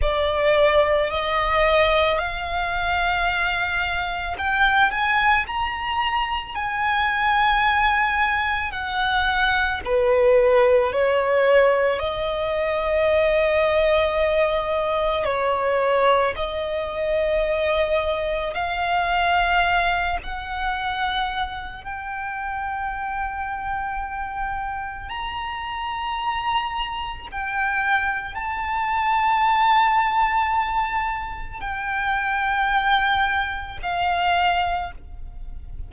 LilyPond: \new Staff \with { instrumentName = "violin" } { \time 4/4 \tempo 4 = 55 d''4 dis''4 f''2 | g''8 gis''8 ais''4 gis''2 | fis''4 b'4 cis''4 dis''4~ | dis''2 cis''4 dis''4~ |
dis''4 f''4. fis''4. | g''2. ais''4~ | ais''4 g''4 a''2~ | a''4 g''2 f''4 | }